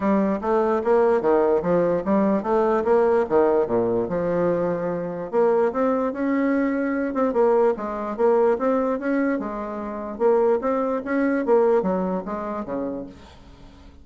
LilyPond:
\new Staff \with { instrumentName = "bassoon" } { \time 4/4 \tempo 4 = 147 g4 a4 ais4 dis4 | f4 g4 a4 ais4 | dis4 ais,4 f2~ | f4 ais4 c'4 cis'4~ |
cis'4. c'8 ais4 gis4 | ais4 c'4 cis'4 gis4~ | gis4 ais4 c'4 cis'4 | ais4 fis4 gis4 cis4 | }